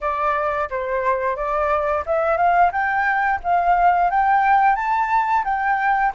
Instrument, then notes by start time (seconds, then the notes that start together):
flute
0.01 D5
0.69 C5
1.36 D5
2.05 E5
2.37 F5
2.71 G5
3.43 F5
4.10 G5
4.75 A5
5.44 G5